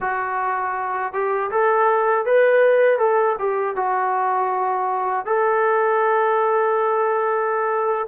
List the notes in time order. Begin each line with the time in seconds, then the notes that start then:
0.00 F#4
1.12 G4
1.50 A4
2.25 B4
2.98 A4
3.39 G4
3.76 F#4
5.25 A4